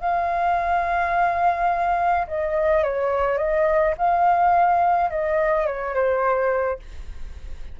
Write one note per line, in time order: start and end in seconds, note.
0.00 2.26 F5
2.27 2.83 D#5
2.83 3.38 C#5
3.38 3.94 D#5
3.98 5.10 F5
5.10 5.66 D#5
5.66 5.94 C#5
5.95 6.80 C5